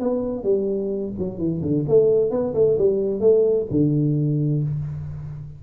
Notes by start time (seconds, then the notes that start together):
0.00 B3
0.44 G3
1.19 F#3
1.38 E3
1.62 D3
1.88 A3
2.31 B3
2.55 A3
2.78 G3
3.20 A3
3.71 D3